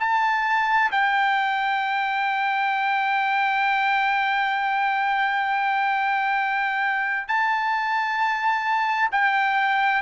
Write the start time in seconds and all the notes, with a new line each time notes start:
0.00 A5
0.92 G5
7.28 A5
9.12 G5